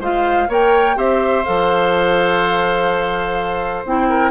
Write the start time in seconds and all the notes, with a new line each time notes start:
0.00 G#3 F4 C5 F5
0.48 A#3 A#4 C#5 G5
0.96 C4 G4 C5 E5
1.44 F3 A4 F5
3.85 C4 E4 G5
4.09 A#4